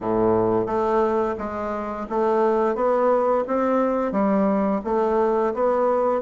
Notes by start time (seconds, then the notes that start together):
0.00 A2
0.66 A3
1.38 G#3
2.09 A3
2.75 B3
3.47 C4
4.12 G3
4.84 A3
5.53 B3